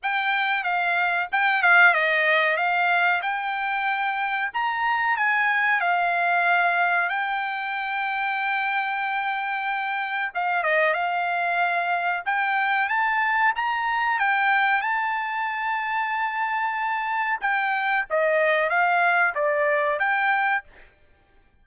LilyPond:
\new Staff \with { instrumentName = "trumpet" } { \time 4/4 \tempo 4 = 93 g''4 f''4 g''8 f''8 dis''4 | f''4 g''2 ais''4 | gis''4 f''2 g''4~ | g''1 |
f''8 dis''8 f''2 g''4 | a''4 ais''4 g''4 a''4~ | a''2. g''4 | dis''4 f''4 d''4 g''4 | }